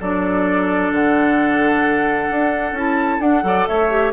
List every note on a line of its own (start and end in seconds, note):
0.00 0.91 F#3
0.00 2.76 D4
0.00 3.44 A4
0.00 0.93 D5
0.91 2.29 D3
0.91 2.77 F#5
2.31 2.72 D4
2.72 3.18 C#4
2.72 3.21 E4
2.72 3.21 A5
3.20 3.43 D4
3.20 3.42 D4
3.20 3.67 F#5
3.42 3.66 F#3
3.42 3.88 A4
3.42 3.69 D5
3.67 4.13 A3
3.67 4.13 C#5
3.67 4.13 E5
3.90 4.13 G4